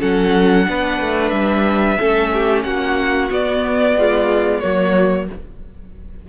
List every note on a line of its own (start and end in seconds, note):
0.00 0.68 F#3
0.00 0.66 C#4
0.00 0.66 A4
0.00 1.30 F#5
0.66 1.01 B3
0.66 1.97 D4
0.66 1.99 B4
1.01 1.32 A3
1.30 1.98 G3
1.30 2.62 E5
1.99 2.64 A3
1.99 3.30 C#4
1.99 2.32 A4
2.33 2.66 G4
2.64 3.30 A#3
2.64 3.97 F#4
2.64 3.30 F#5
3.30 3.96 B3
3.30 4.63 B3
3.30 4.61 D5
3.97 4.63 G#3
3.97 4.62 F4
4.61 5.30 F#3
4.61 5.29 A#3
4.61 5.28 F#4
4.61 5.27 C#5